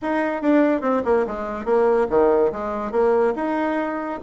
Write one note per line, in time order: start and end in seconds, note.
0.02 0.41 D#4
0.41 0.81 D4
0.81 1.02 C4
1.05 1.25 A#3
1.26 1.65 G#3
1.65 2.07 A#3
2.09 2.51 D#3
2.52 2.91 G#3
2.91 3.33 A#3
3.35 4.19 D#4